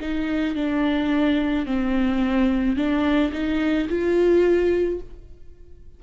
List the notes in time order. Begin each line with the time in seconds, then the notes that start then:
0.00 D#4
0.55 D4
1.66 C4
2.76 D4
3.33 D#4
3.88 F4